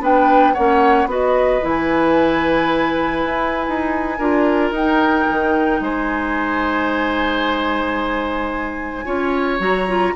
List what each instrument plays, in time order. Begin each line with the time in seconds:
0.00 bassoon B3, clarinet D4, oboe B4, flute G5
0.54 bassoon A#3, clarinet C#4, oboe C#5, flute F#5
1.06 bassoon B3, clarinet F#4, oboe B4
1.12 flute D#5
1.61 bassoon E3, clarinet E4, flute G#5
3.25 bassoon E4
3.69 bassoon D#4
4.18 bassoon D4, clarinet F4, oboe A#4
4.71 bassoon D#4, flute G5
4.77 clarinet D#4
5.30 bassoon D#3
5.80 bassoon G#3, oboe C5, flute G#5
9.05 bassoon C#4, clarinet F4, oboe C#5
9.59 bassoon F#3, clarinet F#4, flute A#5
9.88 clarinet F4